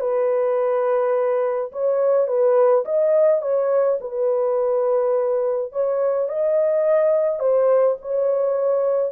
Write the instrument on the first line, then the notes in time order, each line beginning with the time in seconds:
horn
0.00 B4
1.72 C#5
2.27 B4
2.84 D#5
3.41 C#5
4.01 B4
5.72 C#5
6.28 D#5
7.39 C5
8.01 C#5